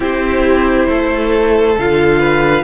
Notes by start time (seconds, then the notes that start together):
0.00 C4 E4 G4 C5
0.88 A3 A4
1.77 D3 F4 F5
2.19 B4